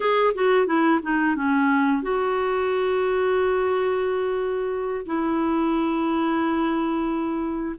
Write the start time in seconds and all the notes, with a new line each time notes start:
0.00 G#4
0.34 F#4
0.66 E4
1.02 D#4
1.35 C#4
2.02 F#4
5.06 E4